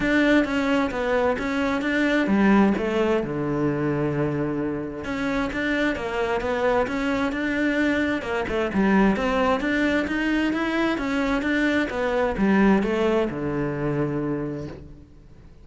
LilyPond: \new Staff \with { instrumentName = "cello" } { \time 4/4 \tempo 4 = 131 d'4 cis'4 b4 cis'4 | d'4 g4 a4 d4~ | d2. cis'4 | d'4 ais4 b4 cis'4 |
d'2 ais8 a8 g4 | c'4 d'4 dis'4 e'4 | cis'4 d'4 b4 g4 | a4 d2. | }